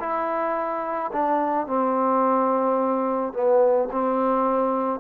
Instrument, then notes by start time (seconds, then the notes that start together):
trombone
0.00 E4
1.13 D4
1.67 C4
3.33 B3
3.92 C4